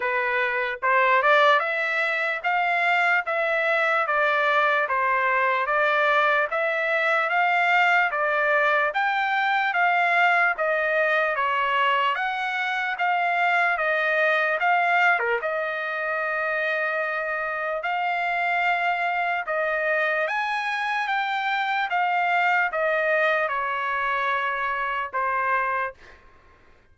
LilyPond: \new Staff \with { instrumentName = "trumpet" } { \time 4/4 \tempo 4 = 74 b'4 c''8 d''8 e''4 f''4 | e''4 d''4 c''4 d''4 | e''4 f''4 d''4 g''4 | f''4 dis''4 cis''4 fis''4 |
f''4 dis''4 f''8. ais'16 dis''4~ | dis''2 f''2 | dis''4 gis''4 g''4 f''4 | dis''4 cis''2 c''4 | }